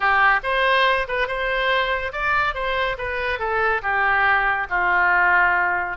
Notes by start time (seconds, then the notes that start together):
0.00 G4
0.43 C5
1.08 B4
1.27 C5
2.12 D5
2.54 C5
2.98 B4
3.39 A4
3.82 G4
4.69 F4